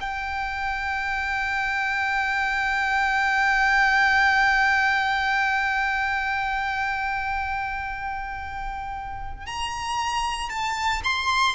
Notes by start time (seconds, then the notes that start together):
0.00 G5
9.46 A#5
10.49 A5
11.04 C6